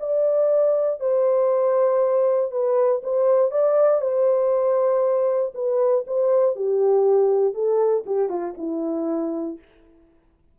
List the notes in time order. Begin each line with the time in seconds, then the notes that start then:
0.00 D5
1.00 C5
2.51 B4
3.03 C5
3.52 D5
4.02 C5
5.55 B4
6.07 C5
6.56 G4
7.54 A4
8.06 G4
8.30 F4
8.58 E4